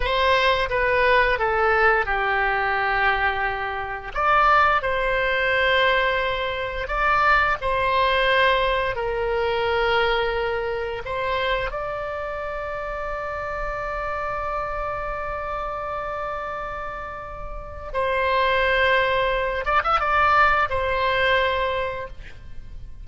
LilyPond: \new Staff \with { instrumentName = "oboe" } { \time 4/4 \tempo 4 = 87 c''4 b'4 a'4 g'4~ | g'2 d''4 c''4~ | c''2 d''4 c''4~ | c''4 ais'2. |
c''4 d''2.~ | d''1~ | d''2 c''2~ | c''8 d''16 e''16 d''4 c''2 | }